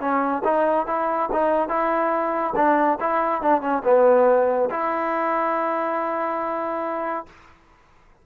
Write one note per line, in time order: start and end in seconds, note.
0.00 0.43 C#4
0.44 0.87 D#4
0.87 1.29 E4
1.32 1.68 D#4
1.68 2.54 E4
2.56 2.98 D4
3.00 3.42 E4
3.42 3.61 D4
3.61 3.83 C#4
3.84 4.69 B3
4.70 7.26 E4